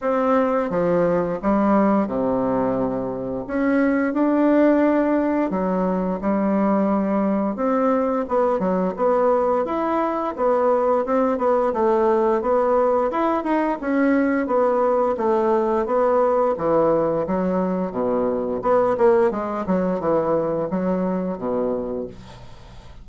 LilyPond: \new Staff \with { instrumentName = "bassoon" } { \time 4/4 \tempo 4 = 87 c'4 f4 g4 c4~ | c4 cis'4 d'2 | fis4 g2 c'4 | b8 fis8 b4 e'4 b4 |
c'8 b8 a4 b4 e'8 dis'8 | cis'4 b4 a4 b4 | e4 fis4 b,4 b8 ais8 | gis8 fis8 e4 fis4 b,4 | }